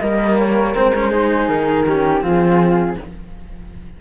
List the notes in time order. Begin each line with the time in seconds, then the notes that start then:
0.00 G3 A#3 A#4 D#5
0.38 C#5
0.74 G#3 C4 C5
0.95 C#4
1.10 D#4 G#4
1.48 D#3 A#4
1.86 C#4 G4
2.21 F3 C4 F4 G#4